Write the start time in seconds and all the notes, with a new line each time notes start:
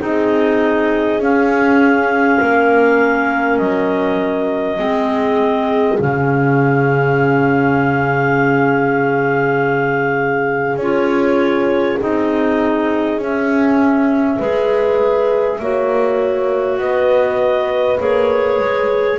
0.00 C4 D#4 G#4 D#5
1.19 C#4 F5
2.41 A#3 A#4
3.58 F#3 D#5
4.79 G#3 C4 G#4
6.00 C#3 C#4 F5
10.77 C#4 F4 C#5
12.00 C4 D#4 D#5
13.18 C#4 E5
14.38 G#3 G#4 B4
15.60 A#3 F#4 C#5
16.79 B3 B4 D#5
17.99 A#3 G#4 C#5
18.59 G#3